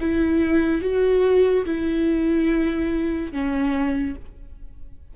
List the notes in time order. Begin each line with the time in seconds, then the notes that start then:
0.00 E4
0.81 F#4
1.65 E4
3.31 C#4